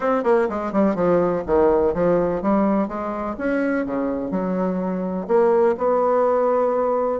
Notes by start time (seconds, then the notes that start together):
0.00 C4
0.23 A#3
0.49 G#3
0.72 G3
0.95 F3
1.46 D#3
1.94 F3
2.41 G3
2.88 G#3
3.38 C#4
3.85 C#3
4.30 F#3
5.27 A#3
5.77 B3